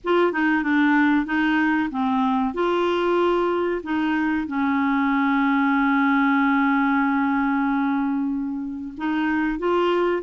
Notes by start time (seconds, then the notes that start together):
0.03 F4
0.32 D#4
0.63 D4
1.25 D#4
1.90 C4
2.54 F4
3.83 D#4
4.47 C#4
8.97 D#4
9.58 F4